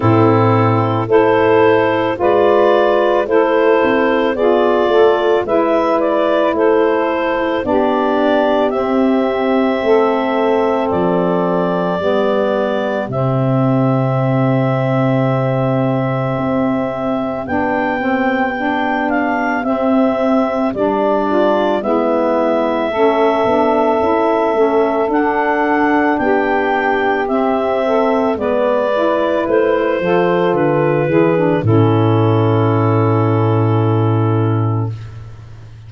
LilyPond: <<
  \new Staff \with { instrumentName = "clarinet" } { \time 4/4 \tempo 4 = 55 a'4 c''4 d''4 c''4 | d''4 e''8 d''8 c''4 d''4 | e''2 d''2 | e''1 |
g''4. f''8 e''4 d''4 | e''2. fis''4 | g''4 e''4 d''4 c''4 | b'4 a'2. | }
  \new Staff \with { instrumentName = "saxophone" } { \time 4/4 e'4 a'4 b'4 a'4 | gis'8 a'8 b'4 a'4 g'4~ | g'4 a'2 g'4~ | g'1~ |
g'2.~ g'8 f'8 | e'4 a'2. | g'4. a'8 b'4. a'8~ | a'8 gis'8 e'2. | }
  \new Staff \with { instrumentName = "saxophone" } { \time 4/4 c'4 e'4 f'4 e'4 | f'4 e'2 d'4 | c'2. b4 | c'1 |
d'8 c'8 d'4 c'4 d'4 | b4 cis'8 d'8 e'8 cis'8 d'4~ | d'4 c'4 b8 e'4 f'8~ | f'8 e'16 d'16 cis'2. | }
  \new Staff \with { instrumentName = "tuba" } { \time 4/4 a,4 a4 gis4 a8 c'8 | b8 a8 gis4 a4 b4 | c'4 a4 f4 g4 | c2. c'4 |
b2 c'4 g4 | gis4 a8 b8 cis'8 a8 d'4 | b4 c'4 gis4 a8 f8 | d8 e8 a,2. | }
>>